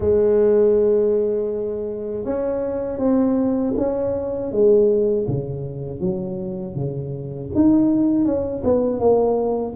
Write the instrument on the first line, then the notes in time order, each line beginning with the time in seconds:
tuba
0.00 G#3
2.25 C#4
2.98 C4
3.76 C#4
4.51 G#3
5.27 C#3
6.00 F#3
6.75 C#3
7.54 D#4
8.25 C#4
8.64 B3
8.99 A#3